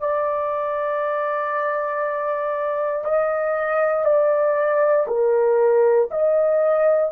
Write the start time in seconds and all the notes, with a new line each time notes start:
0.00 D5
3.04 D#5
4.04 D5
5.07 A#4
6.11 D#5